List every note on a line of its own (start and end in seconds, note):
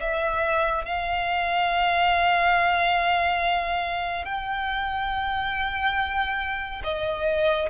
0.00 0.85 E5
0.85 4.25 F5
4.25 6.82 G5
6.84 7.69 D#5